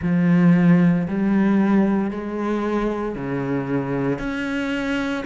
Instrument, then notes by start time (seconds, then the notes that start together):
cello
0.02 F3
1.08 G3
2.11 G#3
3.15 C#3
4.18 C#4